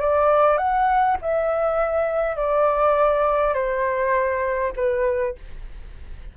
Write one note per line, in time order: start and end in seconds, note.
0.00 0.58 D5
0.58 1.17 F#5
1.22 2.36 E5
2.36 3.54 D5
3.54 4.73 C5
4.76 5.35 B4